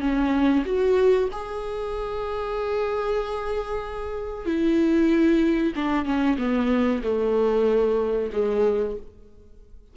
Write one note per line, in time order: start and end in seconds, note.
0.00 0.64 C#4
0.65 1.29 F#4
1.32 4.46 G#4
4.46 5.73 E4
5.76 6.06 D4
6.06 6.37 C#4
6.38 7.02 B3
7.04 8.31 A3
8.33 8.97 G#3